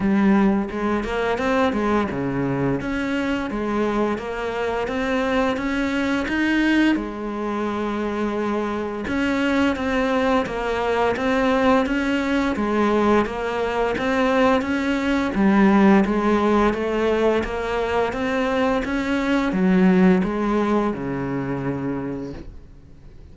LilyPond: \new Staff \with { instrumentName = "cello" } { \time 4/4 \tempo 4 = 86 g4 gis8 ais8 c'8 gis8 cis4 | cis'4 gis4 ais4 c'4 | cis'4 dis'4 gis2~ | gis4 cis'4 c'4 ais4 |
c'4 cis'4 gis4 ais4 | c'4 cis'4 g4 gis4 | a4 ais4 c'4 cis'4 | fis4 gis4 cis2 | }